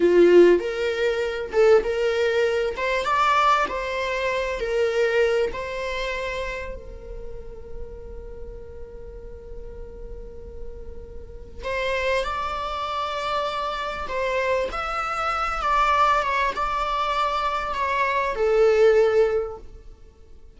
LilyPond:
\new Staff \with { instrumentName = "viola" } { \time 4/4 \tempo 4 = 98 f'4 ais'4. a'8 ais'4~ | ais'8 c''8 d''4 c''4. ais'8~ | ais'4 c''2 ais'4~ | ais'1~ |
ais'2. c''4 | d''2. c''4 | e''4. d''4 cis''8 d''4~ | d''4 cis''4 a'2 | }